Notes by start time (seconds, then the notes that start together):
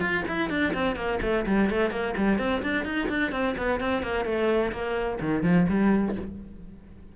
0.00 F4
0.28 E4
0.50 D4
0.74 C4
0.96 A#3
1.22 A3
1.46 G3
1.69 A3
1.90 A#3
2.17 G3
2.38 C4
2.62 D4
2.85 D#4
3.09 D4
3.32 C4
3.57 B3
3.80 C4
4.02 A#3
4.25 A3
4.72 A#3
5.21 D#3
5.43 F3
5.69 G3